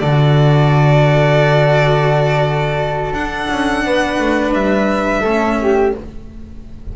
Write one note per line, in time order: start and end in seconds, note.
0.00 3.12 D3
0.00 3.15 F#4
0.00 3.85 A4
0.00 3.14 D5
3.12 3.47 D4
3.12 5.24 D4
3.12 4.54 F#5
3.50 3.85 C#4
3.85 4.20 B3
3.85 5.21 B4
4.20 4.53 A3
4.53 5.23 G3
4.53 5.94 E5
5.21 5.94 A3
5.21 5.95 C#4
5.21 5.56 A4
5.62 5.97 G4